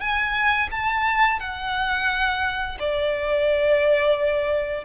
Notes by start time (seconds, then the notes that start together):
0.00 G#5
0.71 A5
1.39 F#5
2.79 D5